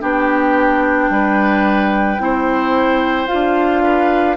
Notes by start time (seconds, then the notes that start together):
0.00 B3 D4 G4 G5
1.10 G3 B4
2.18 C4 E4 C5
3.27 D4 F4 F5
3.83 B4